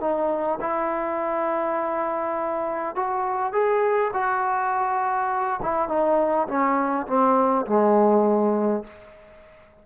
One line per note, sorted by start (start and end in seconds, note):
0.00 0.59 D#4
0.60 2.95 E4
2.95 3.53 F#4
3.53 4.11 G#4
4.13 5.60 F#4
5.62 5.89 E4
5.89 6.47 D#4
6.48 7.06 C#4
7.07 7.66 C4
7.66 8.84 G#3